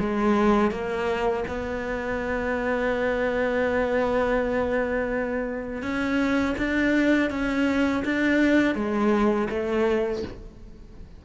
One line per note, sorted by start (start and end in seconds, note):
0.00 0.71 G#3
0.71 1.44 A#3
1.48 5.82 B3
5.82 6.55 C#4
6.58 7.30 D4
7.30 8.03 C#4
8.05 8.75 D4
8.75 9.48 G#3
9.50 10.23 A3